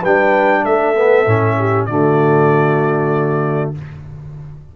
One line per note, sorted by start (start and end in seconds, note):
0.00 0.65 G3
0.00 0.96 D4
0.00 0.62 B4
0.00 0.65 G5
0.65 1.27 A3
0.65 1.57 A4
0.65 1.86 E5
0.96 1.27 B3
1.27 1.88 A2
1.27 1.89 C#4
1.58 1.89 G4
1.86 3.74 D3
1.86 3.75 A3
1.86 3.76 F#4
1.86 3.72 D5